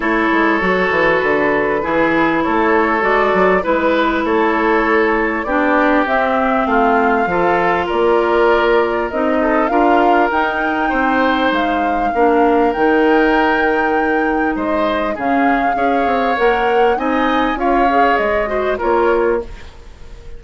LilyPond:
<<
  \new Staff \with { instrumentName = "flute" } { \time 4/4 \tempo 4 = 99 cis''2 b'2 | cis''4 d''4 b'4 cis''4~ | cis''4 d''4 e''4 f''4~ | f''4 d''2 dis''4 |
f''4 g''2 f''4~ | f''4 g''2. | dis''4 f''2 fis''4 | gis''4 f''4 dis''4 cis''4 | }
  \new Staff \with { instrumentName = "oboe" } { \time 4/4 a'2. gis'4 | a'2 b'4 a'4~ | a'4 g'2 f'4 | a'4 ais'2~ ais'8 a'8 |
ais'2 c''2 | ais'1 | c''4 gis'4 cis''2 | dis''4 cis''4. c''8 ais'4 | }
  \new Staff \with { instrumentName = "clarinet" } { \time 4/4 e'4 fis'2 e'4~ | e'4 fis'4 e'2~ | e'4 d'4 c'2 | f'2. dis'4 |
f'4 dis'2. | d'4 dis'2.~ | dis'4 cis'4 gis'4 ais'4 | dis'4 f'8 gis'4 fis'8 f'4 | }
  \new Staff \with { instrumentName = "bassoon" } { \time 4/4 a8 gis8 fis8 e8 d4 e4 | a4 gis8 fis8 gis4 a4~ | a4 b4 c'4 a4 | f4 ais2 c'4 |
d'4 dis'4 c'4 gis4 | ais4 dis2. | gis4 cis4 cis'8 c'8 ais4 | c'4 cis'4 gis4 ais4 | }
>>